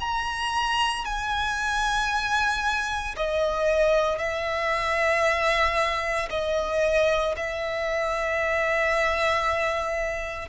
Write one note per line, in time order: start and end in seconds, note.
0.00 1.04 A#5
1.04 3.15 G#5
3.16 4.18 D#5
4.18 6.29 E5
6.30 7.35 D#5
7.36 10.49 E5